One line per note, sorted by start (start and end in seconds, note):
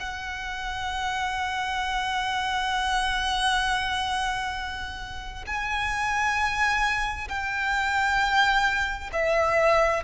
0.00 5.45 F#5
5.47 7.29 G#5
7.29 9.11 G5
9.13 10.04 E5